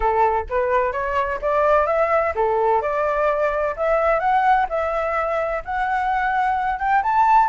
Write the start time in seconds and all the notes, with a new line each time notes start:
0.00 A4
0.49 B4
0.92 C#5
1.41 D5
1.86 E5
2.35 A4
2.81 D5
3.76 E5
4.19 F#5
4.69 E5
5.64 F#5
6.79 G5
7.02 A5